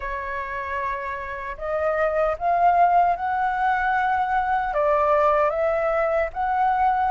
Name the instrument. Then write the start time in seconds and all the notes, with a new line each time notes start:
flute
0.00 C#5
1.57 D#5
2.38 F5
3.16 F#5
4.73 D5
5.50 E5
6.33 F#5